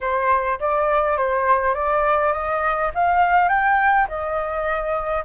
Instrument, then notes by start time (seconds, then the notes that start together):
flute
0.00 C5
0.59 D5
1.17 C5
1.74 D5
2.32 D#5
2.94 F5
3.48 G5
4.08 D#5